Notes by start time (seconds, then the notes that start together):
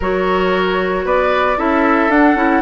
0.00 F#3 F#4 A#4 C#5
1.04 B3 B4 D5
1.57 C#4 E4 A4 E5
2.08 D4 F#5
2.35 C#4 E4